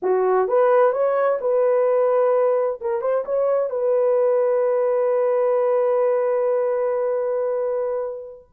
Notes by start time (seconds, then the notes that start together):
0.02 F#4
0.48 B4
0.92 C#5
1.40 B4
2.80 A#4
3.01 C5
3.25 C#5
3.70 B4